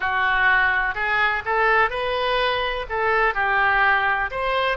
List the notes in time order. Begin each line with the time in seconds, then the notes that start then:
0.00 F#4
0.94 G#4
1.45 A4
1.89 B4
2.89 A4
3.34 G4
4.31 C5